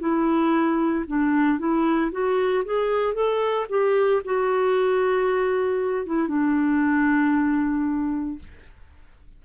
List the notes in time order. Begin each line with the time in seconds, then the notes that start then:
0.00 E4
1.07 D4
1.59 E4
2.11 F#4
2.65 G#4
3.14 A4
3.69 G4
4.25 F#4
6.06 E4
6.28 D4